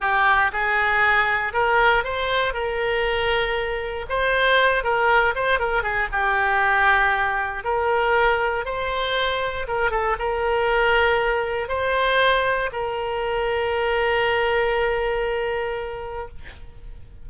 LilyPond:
\new Staff \with { instrumentName = "oboe" } { \time 4/4 \tempo 4 = 118 g'4 gis'2 ais'4 | c''4 ais'2. | c''4. ais'4 c''8 ais'8 gis'8 | g'2. ais'4~ |
ais'4 c''2 ais'8 a'8 | ais'2. c''4~ | c''4 ais'2.~ | ais'1 | }